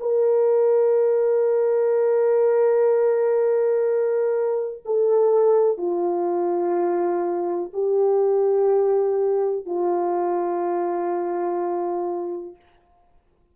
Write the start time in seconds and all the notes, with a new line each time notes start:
0.00 A#4
4.85 A4
5.78 F4
7.73 G4
9.66 F4